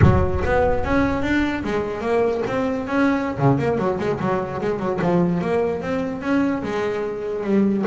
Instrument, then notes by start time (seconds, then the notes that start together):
double bass
0.01 F#3
0.44 B3
0.84 C#4
1.22 D4
1.63 G#3
2.00 A#3
2.47 C4
2.87 C#4
3.38 C#3
3.58 A#3
3.78 F#3
3.99 G#3
4.19 F#3
4.61 G#3
4.79 F#3
5.01 F3
5.41 A#3
5.81 C4
6.21 C#4
6.62 G#3
7.43 G3